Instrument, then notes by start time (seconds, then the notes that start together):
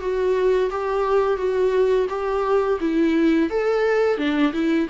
viola
0.00 F#4
0.70 G4
1.37 F#4
2.09 G4
2.80 E4
3.49 A4
4.17 D4
4.53 E4